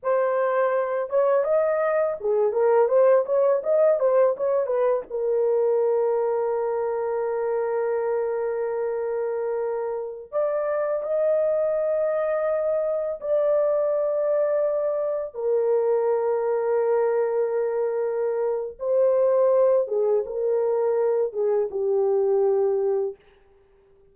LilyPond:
\new Staff \with { instrumentName = "horn" } { \time 4/4 \tempo 4 = 83 c''4. cis''8 dis''4 gis'8 ais'8 | c''8 cis''8 dis''8 c''8 cis''8 b'8 ais'4~ | ais'1~ | ais'2~ ais'16 d''4 dis''8.~ |
dis''2~ dis''16 d''4.~ d''16~ | d''4~ d''16 ais'2~ ais'8.~ | ais'2 c''4. gis'8 | ais'4. gis'8 g'2 | }